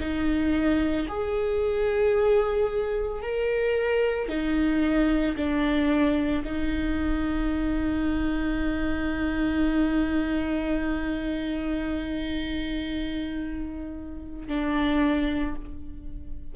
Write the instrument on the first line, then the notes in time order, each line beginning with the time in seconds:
viola
0.00 D#4
1.08 G#4
3.22 A#4
4.29 D#4
5.36 D4
6.44 D#4
14.48 D4